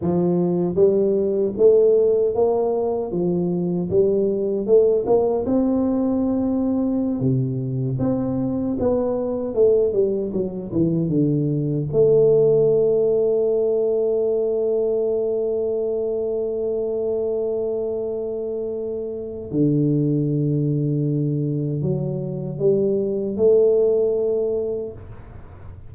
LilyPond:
\new Staff \with { instrumentName = "tuba" } { \time 4/4 \tempo 4 = 77 f4 g4 a4 ais4 | f4 g4 a8 ais8 c'4~ | c'4~ c'16 c4 c'4 b8.~ | b16 a8 g8 fis8 e8 d4 a8.~ |
a1~ | a1~ | a4 d2. | fis4 g4 a2 | }